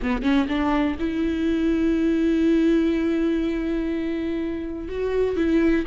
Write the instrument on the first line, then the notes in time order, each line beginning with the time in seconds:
viola
0.02 B3
0.22 C#4
0.48 D4
0.99 E4
4.88 F#4
5.36 E4